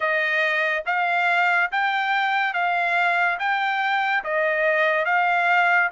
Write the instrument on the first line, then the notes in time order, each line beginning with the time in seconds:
trumpet
0.00 D#5
0.86 F5
1.71 G5
2.54 F5
3.39 G5
4.24 D#5
5.05 F5